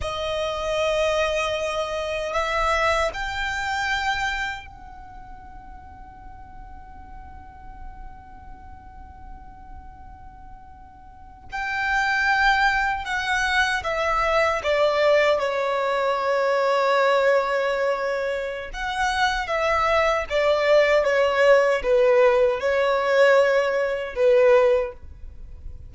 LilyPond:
\new Staff \with { instrumentName = "violin" } { \time 4/4 \tempo 4 = 77 dis''2. e''4 | g''2 fis''2~ | fis''1~ | fis''2~ fis''8. g''4~ g''16~ |
g''8. fis''4 e''4 d''4 cis''16~ | cis''1 | fis''4 e''4 d''4 cis''4 | b'4 cis''2 b'4 | }